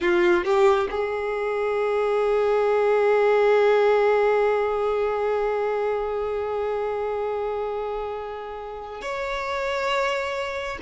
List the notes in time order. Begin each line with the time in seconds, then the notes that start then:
0.00 F4
0.44 G4
0.91 G#4
9.01 C#5